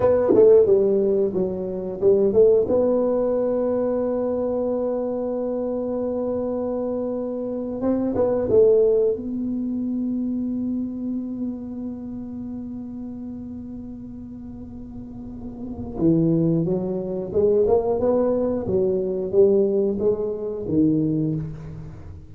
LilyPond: \new Staff \with { instrumentName = "tuba" } { \time 4/4 \tempo 4 = 90 b8 a8 g4 fis4 g8 a8 | b1~ | b2.~ b8. c'16~ | c'16 b8 a4 b2~ b16~ |
b1~ | b1 | e4 fis4 gis8 ais8 b4 | fis4 g4 gis4 dis4 | }